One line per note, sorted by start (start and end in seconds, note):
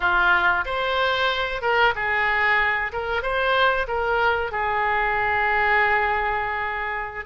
0.00 0.65 F4
0.65 1.61 C5
1.61 1.94 A#4
1.95 2.92 G#4
2.92 3.22 A#4
3.22 3.87 C5
3.87 4.51 A#4
4.51 7.25 G#4